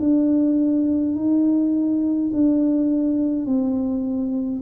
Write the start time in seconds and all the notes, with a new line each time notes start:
0.00 D4
1.16 D#4
2.33 D4
3.46 C4